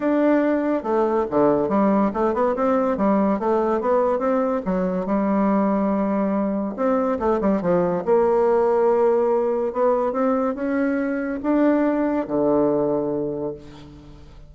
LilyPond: \new Staff \with { instrumentName = "bassoon" } { \time 4/4 \tempo 4 = 142 d'2 a4 d4 | g4 a8 b8 c'4 g4 | a4 b4 c'4 fis4 | g1 |
c'4 a8 g8 f4 ais4~ | ais2. b4 | c'4 cis'2 d'4~ | d'4 d2. | }